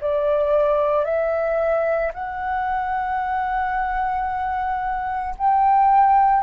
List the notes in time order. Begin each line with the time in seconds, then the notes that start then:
0.00 D5
1.04 E5
2.13 F#5
5.37 G5